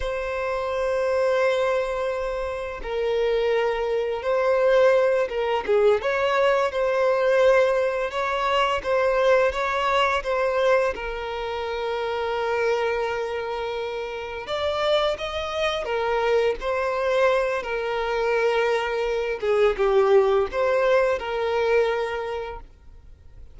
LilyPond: \new Staff \with { instrumentName = "violin" } { \time 4/4 \tempo 4 = 85 c''1 | ais'2 c''4. ais'8 | gis'8 cis''4 c''2 cis''8~ | cis''8 c''4 cis''4 c''4 ais'8~ |
ais'1~ | ais'8 d''4 dis''4 ais'4 c''8~ | c''4 ais'2~ ais'8 gis'8 | g'4 c''4 ais'2 | }